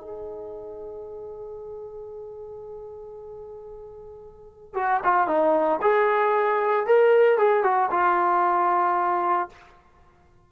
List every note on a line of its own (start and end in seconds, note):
0.00 4.74 G#4
4.74 5.00 F#4
5.03 5.27 F4
5.27 5.79 D#4
5.81 6.86 G#4
6.86 7.37 A#4
7.37 7.63 G#4
7.63 7.89 F#4
7.91 9.49 F4